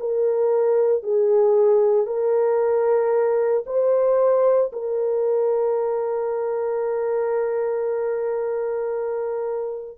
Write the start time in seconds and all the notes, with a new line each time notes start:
0.00 A#4
1.03 G#4
2.06 A#4
3.66 C5
4.73 A#4